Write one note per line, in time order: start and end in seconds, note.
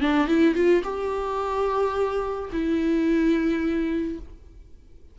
0.00 0.27 D4
0.27 0.54 E4
0.54 0.82 F4
0.83 2.50 G4
2.52 4.19 E4